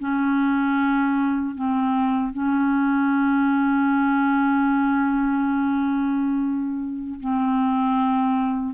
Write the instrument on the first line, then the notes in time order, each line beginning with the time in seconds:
clarinet
0.00 C#4
1.55 C4
2.33 C#4
7.21 C4